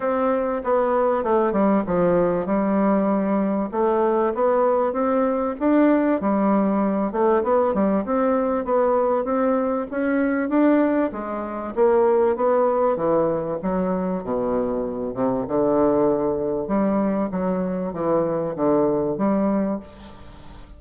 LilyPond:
\new Staff \with { instrumentName = "bassoon" } { \time 4/4 \tempo 4 = 97 c'4 b4 a8 g8 f4 | g2 a4 b4 | c'4 d'4 g4. a8 | b8 g8 c'4 b4 c'4 |
cis'4 d'4 gis4 ais4 | b4 e4 fis4 b,4~ | b,8 c8 d2 g4 | fis4 e4 d4 g4 | }